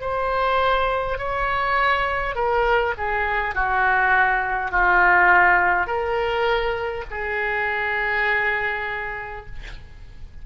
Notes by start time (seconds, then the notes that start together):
0.00 C5
1.18 C#5
2.35 A#4
2.97 G#4
3.55 F#4
4.71 F4
5.87 A#4
7.10 G#4